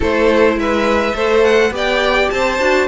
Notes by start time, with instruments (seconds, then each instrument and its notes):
0.00 cello A3, viola E4, violin A4 C5
0.56 cello G#3, violin B4 E5
1.13 cello A3, viola A4, violin C5
1.43 violin F#5
1.71 cello B3, viola G4, violin D5
1.77 violin G5
2.30 cello C4, violin C5 A5
2.59 cello D4, viola F#4